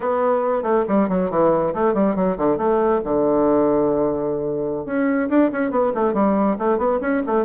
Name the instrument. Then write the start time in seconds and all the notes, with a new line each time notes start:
bassoon
0.00 B3
0.63 A3
0.88 G3
1.09 F#3
1.30 E3
1.74 A3
1.94 G3
2.15 F#3
2.37 D3
2.57 A3
3.04 D3
4.85 C#4
5.29 D4
5.52 C#4
5.71 B3
5.94 A3
6.13 G3
6.58 A3
6.78 B3
7.00 C#4
7.26 A3